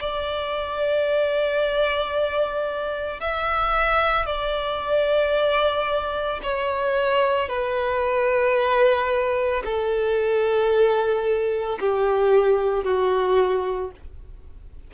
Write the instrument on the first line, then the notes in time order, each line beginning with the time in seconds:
violin
0.00 D5
3.20 E5
4.26 D5
6.43 C#5
7.49 B4
9.64 A4
11.80 G4
12.84 F#4